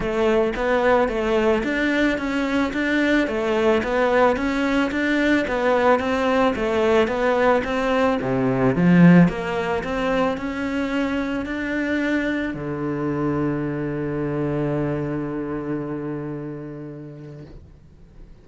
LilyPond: \new Staff \with { instrumentName = "cello" } { \time 4/4 \tempo 4 = 110 a4 b4 a4 d'4 | cis'4 d'4 a4 b4 | cis'4 d'4 b4 c'4 | a4 b4 c'4 c4 |
f4 ais4 c'4 cis'4~ | cis'4 d'2 d4~ | d1~ | d1 | }